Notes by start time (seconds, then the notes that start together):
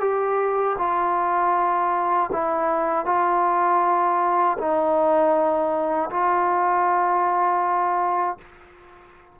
0.00 G4
0.78 F4
2.32 E4
3.05 F4
4.58 D#4
6.10 F4